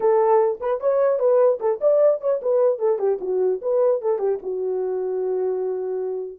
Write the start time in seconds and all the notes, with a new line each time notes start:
0.00 A4
0.60 B4
0.80 C#5
1.19 B4
1.60 A4
1.81 D5
2.20 C#5
2.42 B4
2.79 A4
2.98 G4
3.20 F#4
3.61 B4
4.01 A4
4.18 G4
4.42 F#4